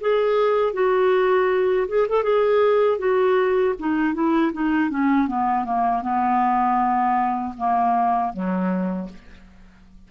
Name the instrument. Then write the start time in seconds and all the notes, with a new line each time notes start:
clarinet
0.00 G#4
0.73 F#4
1.88 G#4
2.08 A4
2.23 G#4
2.98 F#4
3.79 D#4
4.14 E4
4.53 D#4
4.90 C#4
5.28 B3
5.65 A#3
6.02 B3
7.57 A#3
8.33 F#3